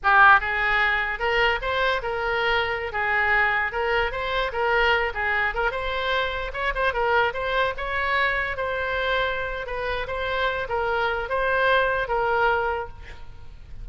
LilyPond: \new Staff \with { instrumentName = "oboe" } { \time 4/4 \tempo 4 = 149 g'4 gis'2 ais'4 | c''4 ais'2~ ais'16 gis'8.~ | gis'4~ gis'16 ais'4 c''4 ais'8.~ | ais'8. gis'4 ais'8 c''4.~ c''16~ |
c''16 cis''8 c''8 ais'4 c''4 cis''8.~ | cis''4~ cis''16 c''2~ c''8. | b'4 c''4. ais'4. | c''2 ais'2 | }